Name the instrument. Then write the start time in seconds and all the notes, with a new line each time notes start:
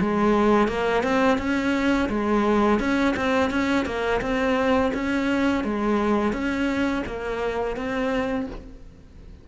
cello
0.00 G#3
0.68 A#3
1.03 C4
1.38 C#4
2.09 G#3
2.79 C#4
3.16 C4
3.50 C#4
3.85 A#3
4.21 C4
4.93 C#4
5.64 G#3
6.32 C#4
7.06 A#3
7.76 C4